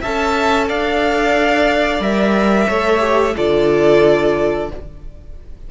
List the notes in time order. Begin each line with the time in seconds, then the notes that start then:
0.00 C#4 A4 E5 A5
0.68 D4 D5 F5
2.00 G3 A#4 E5
2.68 A3 A4 C#5
2.99 G4
3.36 D3 F4 A4 D5